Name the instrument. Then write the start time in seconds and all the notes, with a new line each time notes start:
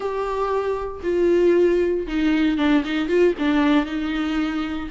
viola
0.00 G4
1.03 F4
2.07 D#4
2.57 D4
2.84 D#4
3.08 F4
3.38 D4
3.85 D#4